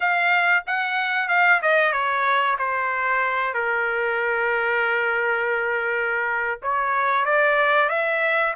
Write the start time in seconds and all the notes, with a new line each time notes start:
0.00 F5
0.67 F#5
1.28 F5
1.62 D#5
1.92 C#5
2.58 C5
3.54 A#4
6.62 C#5
7.25 D5
7.89 E5